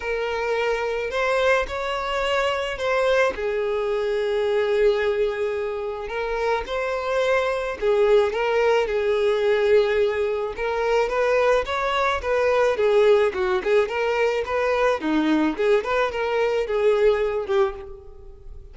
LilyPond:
\new Staff \with { instrumentName = "violin" } { \time 4/4 \tempo 4 = 108 ais'2 c''4 cis''4~ | cis''4 c''4 gis'2~ | gis'2. ais'4 | c''2 gis'4 ais'4 |
gis'2. ais'4 | b'4 cis''4 b'4 gis'4 | fis'8 gis'8 ais'4 b'4 dis'4 | gis'8 b'8 ais'4 gis'4. g'8 | }